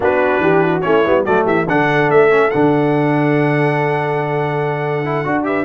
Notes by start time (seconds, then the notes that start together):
0.00 B3 D4 F#4 B4
0.39 E3 G4
0.63 F#4
0.81 A3 C#4 E4 C#5
1.05 G3 B3
1.24 F#3 A3 F#4 D5
1.44 E3 G4 E5
1.67 D3 D4 A4 F#5
2.09 A3 E5
2.29 C#4
2.50 D3 D4 F#5
5.04 E4
5.25 D4 F#4
5.43 G4 B4 E5